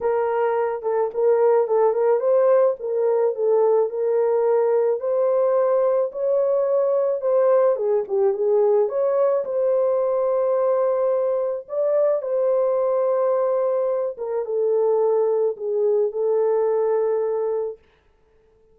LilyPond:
\new Staff \with { instrumentName = "horn" } { \time 4/4 \tempo 4 = 108 ais'4. a'8 ais'4 a'8 ais'8 | c''4 ais'4 a'4 ais'4~ | ais'4 c''2 cis''4~ | cis''4 c''4 gis'8 g'8 gis'4 |
cis''4 c''2.~ | c''4 d''4 c''2~ | c''4. ais'8 a'2 | gis'4 a'2. | }